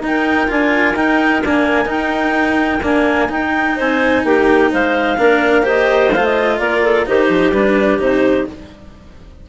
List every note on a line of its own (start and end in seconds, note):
0.00 0.47 D#4
0.00 0.48 D#4
0.00 3.76 A#4
0.07 0.51 G5
0.48 0.95 D4
0.48 0.95 F4
0.48 0.96 G#5
0.95 1.42 D#4
0.95 1.43 D#4
0.95 1.43 G5
1.45 1.86 A#3
1.45 1.86 D4
1.45 1.91 G#5
1.86 2.79 D#4
1.86 2.80 D#4
1.86 2.85 G5
2.83 3.29 A#3
2.83 3.30 D4
2.83 3.32 G#5
3.29 5.17 D#4
3.29 3.77 D#4
3.29 3.78 G5
3.76 4.24 C4
3.76 4.23 C5
3.76 4.25 G#5
4.24 4.71 A#3
4.24 4.72 G4
4.24 4.72 G5
4.72 5.18 G#3
4.72 5.19 C5
4.72 5.67 F5
5.18 6.12 A#3
5.18 5.63 D4
5.18 5.63 A#4
5.63 6.10 G4
5.63 6.57 C5
5.63 6.13 D#5
6.13 6.60 A3
6.13 7.07 F4
6.13 6.25 F5
6.25 6.59 D#5
6.59 7.06 A#3
6.59 6.83 A#4
6.59 7.06 D5
6.84 7.07 A4
7.07 7.29 D#3
7.07 7.54 D#4
7.07 8.49 G4
7.07 7.53 C5
7.29 7.53 F3
7.53 7.99 G3
7.53 7.99 D4
7.53 8.00 B4
7.99 8.46 C3
7.99 8.46 D#4
7.99 8.48 C5